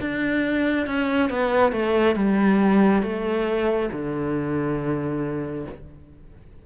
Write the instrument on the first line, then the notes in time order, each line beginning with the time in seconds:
cello
0.00 D4
0.86 C#4
1.30 B3
1.72 A3
2.15 G3
3.02 A3
3.92 D3